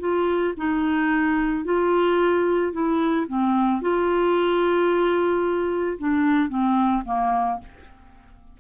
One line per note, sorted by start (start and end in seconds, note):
0.00 0.54 F4
0.57 1.65 D#4
1.65 2.73 F4
2.73 3.27 E4
3.28 3.82 C4
3.82 5.98 F4
5.99 6.49 D4
6.49 7.03 C4
7.05 7.59 A#3